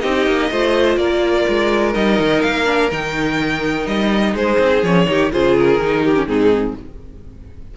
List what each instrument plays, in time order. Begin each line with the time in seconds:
0.00 cello C4, viola D#4, violin G4 D#5
0.26 cello A#3
0.51 cello A3, viola F4, violin C5
0.96 cello A#3, violin A#4 D5
1.48 cello G#3
1.94 cello G3, viola D#4, violin D#5
2.19 cello D#3
2.42 cello A#3, violin F5
2.65 viola D4
2.91 cello D#3, viola D#4, violin G5
3.86 cello G3, violin D#5
4.34 cello G#3, violin G#4 C5
4.58 cello C4
4.82 cello F3, viola C#4, violin C#5
5.06 cello D#3, viola D#4, violin G4
5.31 cello C#3, viola F4, violin G#4 C5
5.58 violin A#4
5.78 cello D#3, viola D#4
6.04 violin G4
6.15 viola C#4
6.26 cello G#2, viola C4, violin D#4 G#4